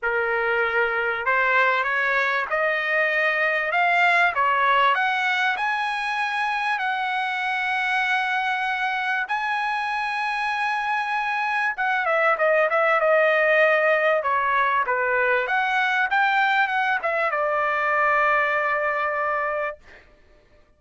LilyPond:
\new Staff \with { instrumentName = "trumpet" } { \time 4/4 \tempo 4 = 97 ais'2 c''4 cis''4 | dis''2 f''4 cis''4 | fis''4 gis''2 fis''4~ | fis''2. gis''4~ |
gis''2. fis''8 e''8 | dis''8 e''8 dis''2 cis''4 | b'4 fis''4 g''4 fis''8 e''8 | d''1 | }